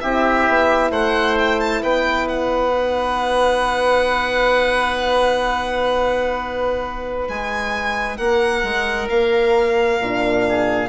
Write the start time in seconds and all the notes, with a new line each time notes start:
0.00 C4 E4 G4 E5
0.48 B3
0.90 A3 C5 F#5
1.38 G5
1.59 A5
1.82 B3 B4 G5
2.27 F#5
2.73 D#4
7.28 G#3 G#5
8.17 A#3 A#4 F#5
8.63 G#3
9.09 A#3 F5
9.99 A#2 D4
10.48 G#4